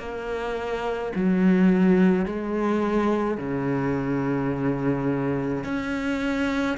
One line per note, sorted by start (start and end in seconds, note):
0.00 1.13 A#3
1.16 2.26 F#3
2.26 3.38 G#3
3.38 5.64 C#3
5.64 6.78 C#4